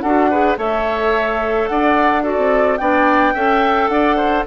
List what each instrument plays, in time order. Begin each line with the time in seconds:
0.00 bassoon D4, clarinet F#4, oboe A4, flute F#5
0.30 clarinet G#4, oboe B4
0.57 bassoon A3, clarinet A4, oboe C#5, flute E5
1.67 bassoon D4, oboe D5, flute F#5
2.22 clarinet F#4, oboe A4, flute D5
2.37 bassoon C4
2.77 bassoon B3, clarinet D4, oboe D5, flute G5
3.34 bassoon C#4, clarinet A4, oboe E5
3.88 bassoon D4, oboe D5, flute F#5
4.16 oboe C5